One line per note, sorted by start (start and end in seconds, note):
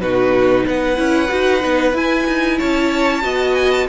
0.00 0.65 B2
0.00 0.96 D#4
0.00 0.66 F#4
0.00 0.66 B4
0.66 0.98 B3
0.66 2.58 B4
0.66 1.96 F#5
0.96 1.31 C#4
0.96 1.28 E4
1.29 1.64 D#4
1.29 1.61 F#4
1.61 1.93 B3
1.61 1.93 D#4
1.93 2.25 E4
1.93 3.22 E4
1.93 2.59 G#5
2.27 2.60 D#4
2.58 3.24 C#4
2.58 3.22 C#5
2.58 3.55 A5
3.22 3.88 B3
3.22 3.87 F#4
3.22 3.88 D#5
3.55 3.71 G#5
3.71 3.87 A5